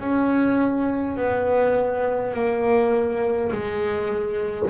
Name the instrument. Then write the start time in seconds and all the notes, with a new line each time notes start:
double bass
0.00 C#4
1.17 B3
2.34 A#3
3.52 G#3